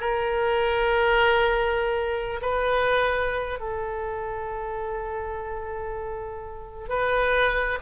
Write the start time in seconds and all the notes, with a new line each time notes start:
0.00 A#4
2.41 B4
3.59 A4
6.88 B4